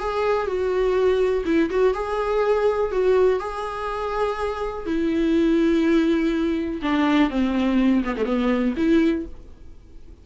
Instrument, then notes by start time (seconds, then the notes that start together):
viola
0.00 G#4
0.47 F#4
1.45 E4
1.70 F#4
1.94 G#4
2.92 F#4
3.40 G#4
4.86 E4
6.82 D4
7.30 C4
8.04 B3
8.17 A3
8.25 B3
8.77 E4